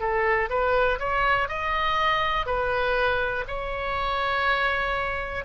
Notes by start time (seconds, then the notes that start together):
0.00 A4
0.50 B4
0.99 C#5
1.48 D#5
2.46 B4
3.48 C#5